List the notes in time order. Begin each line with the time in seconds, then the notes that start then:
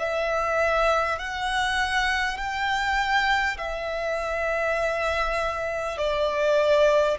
0.00 E5
1.19 F#5
2.38 G5
3.58 E5
5.98 D5